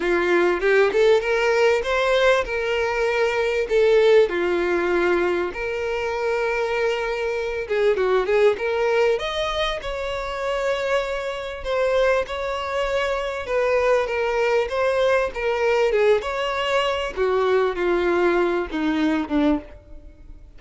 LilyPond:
\new Staff \with { instrumentName = "violin" } { \time 4/4 \tempo 4 = 98 f'4 g'8 a'8 ais'4 c''4 | ais'2 a'4 f'4~ | f'4 ais'2.~ | ais'8 gis'8 fis'8 gis'8 ais'4 dis''4 |
cis''2. c''4 | cis''2 b'4 ais'4 | c''4 ais'4 gis'8 cis''4. | fis'4 f'4. dis'4 d'8 | }